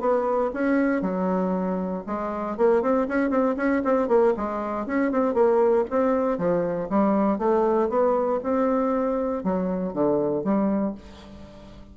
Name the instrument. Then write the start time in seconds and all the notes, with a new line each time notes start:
bassoon
0.00 B3
0.54 C#4
1.02 F#3
2.07 G#3
2.57 A#3
2.82 C4
3.08 C#4
3.30 C4
3.57 C#4
3.85 C4
4.08 A#3
4.37 G#3
4.87 C#4
5.12 C4
5.34 A#3
5.90 C4
6.38 F3
6.90 G3
7.39 A3
7.89 B3
8.43 C4
9.44 F#3
9.93 D3
10.44 G3